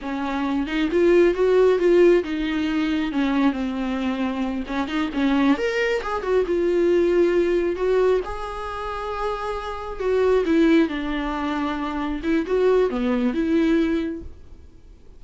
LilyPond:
\new Staff \with { instrumentName = "viola" } { \time 4/4 \tempo 4 = 135 cis'4. dis'8 f'4 fis'4 | f'4 dis'2 cis'4 | c'2~ c'8 cis'8 dis'8 cis'8~ | cis'8 ais'4 gis'8 fis'8 f'4.~ |
f'4. fis'4 gis'4.~ | gis'2~ gis'8 fis'4 e'8~ | e'8 d'2. e'8 | fis'4 b4 e'2 | }